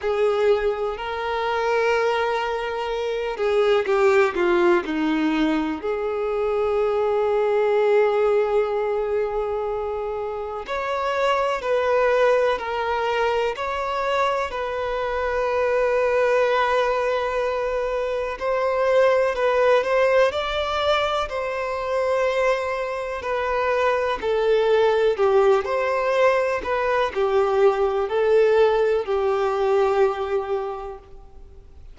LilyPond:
\new Staff \with { instrumentName = "violin" } { \time 4/4 \tempo 4 = 62 gis'4 ais'2~ ais'8 gis'8 | g'8 f'8 dis'4 gis'2~ | gis'2. cis''4 | b'4 ais'4 cis''4 b'4~ |
b'2. c''4 | b'8 c''8 d''4 c''2 | b'4 a'4 g'8 c''4 b'8 | g'4 a'4 g'2 | }